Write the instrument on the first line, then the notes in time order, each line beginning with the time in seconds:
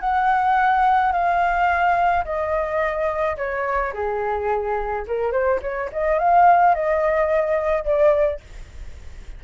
flute
0.00 F#5
1.12 F5
2.24 D#5
3.37 C#5
3.93 G#4
5.07 A#4
5.31 C5
5.62 C#5
5.92 D#5
6.18 F5
6.74 D#5
7.84 D5